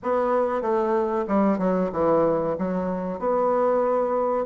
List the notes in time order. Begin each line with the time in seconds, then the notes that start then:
0.02 B3
0.61 A3
1.27 G3
1.58 F#3
1.92 E3
2.58 F#3
3.19 B3